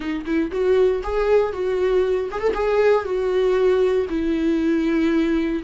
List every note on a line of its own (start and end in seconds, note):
0.00 0.24 D#4
0.25 0.51 E4
0.51 1.02 F#4
1.03 1.52 G#4
1.52 2.29 F#4
2.31 2.40 G#4
2.40 2.53 A4
2.54 3.04 G#4
3.04 4.06 F#4
4.09 5.62 E4